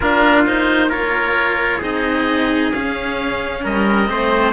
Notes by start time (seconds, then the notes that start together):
0.00 A#3 D4 F4 A#4
0.46 D#4 C5
0.88 F4 A#4 C#5
1.78 C4 D#4 G#4 D#5
2.72 C#4 F5
3.63 G3 A#4 D#5
4.06 A3 C4 C5